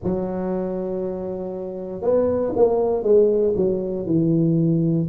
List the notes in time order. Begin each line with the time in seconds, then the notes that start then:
0.03 F#3
2.01 B3
2.55 A#3
3.02 G#3
3.56 F#3
4.06 E3